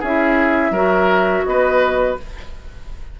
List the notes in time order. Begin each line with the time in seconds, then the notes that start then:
0.00 C#4 E4 G#4 E5
0.71 F#3 F#4 A#4
1.45 B3 B4 D#5